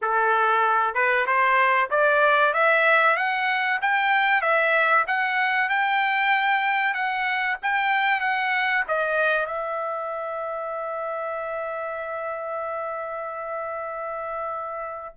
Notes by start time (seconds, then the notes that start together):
0.01 A4
0.94 B4
1.26 C5
1.90 D5
2.53 E5
3.16 F#5
3.81 G5
4.41 E5
5.07 F#5
5.69 G5
6.93 F#5
7.62 G5
8.20 F#5
8.88 D#5
9.46 E5